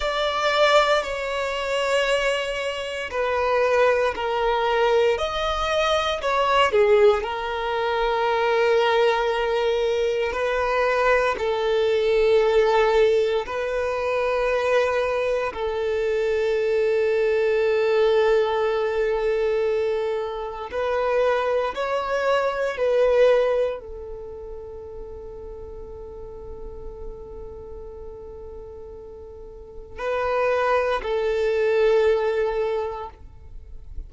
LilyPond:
\new Staff \with { instrumentName = "violin" } { \time 4/4 \tempo 4 = 58 d''4 cis''2 b'4 | ais'4 dis''4 cis''8 gis'8 ais'4~ | ais'2 b'4 a'4~ | a'4 b'2 a'4~ |
a'1 | b'4 cis''4 b'4 a'4~ | a'1~ | a'4 b'4 a'2 | }